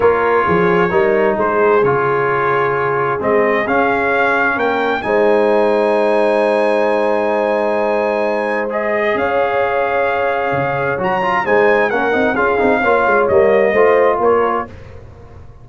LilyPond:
<<
  \new Staff \with { instrumentName = "trumpet" } { \time 4/4 \tempo 4 = 131 cis''2. c''4 | cis''2. dis''4 | f''2 g''4 gis''4~ | gis''1~ |
gis''2. dis''4 | f''1 | ais''4 gis''4 fis''4 f''4~ | f''4 dis''2 cis''4 | }
  \new Staff \with { instrumentName = "horn" } { \time 4/4 ais'4 gis'4 ais'4 gis'4~ | gis'1~ | gis'2 ais'4 c''4~ | c''1~ |
c''1 | cis''1~ | cis''4 c''4 ais'4 gis'4 | cis''2 c''4 ais'4 | }
  \new Staff \with { instrumentName = "trombone" } { \time 4/4 f'2 dis'2 | f'2. c'4 | cis'2. dis'4~ | dis'1~ |
dis'2. gis'4~ | gis'1 | fis'8 f'8 dis'4 cis'8 dis'8 f'8 dis'8 | f'4 ais4 f'2 | }
  \new Staff \with { instrumentName = "tuba" } { \time 4/4 ais4 f4 g4 gis4 | cis2. gis4 | cis'2 ais4 gis4~ | gis1~ |
gis1 | cis'2. cis4 | fis4 gis4 ais8 c'8 cis'8 c'8 | ais8 gis8 g4 a4 ais4 | }
>>